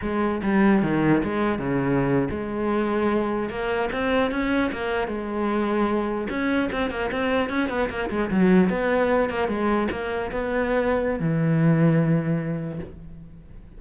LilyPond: \new Staff \with { instrumentName = "cello" } { \time 4/4 \tempo 4 = 150 gis4 g4 dis4 gis4 | cis4.~ cis16 gis2~ gis16~ | gis8. ais4 c'4 cis'4 ais16~ | ais8. gis2. cis'16~ |
cis'8. c'8 ais8 c'4 cis'8 b8 ais16~ | ais16 gis8 fis4 b4. ais8 gis16~ | gis8. ais4 b2~ b16 | e1 | }